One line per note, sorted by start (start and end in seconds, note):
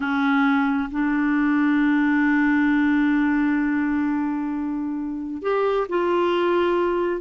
0.00 0.89 C#4
0.91 5.42 D4
5.42 5.87 G4
5.89 7.21 F4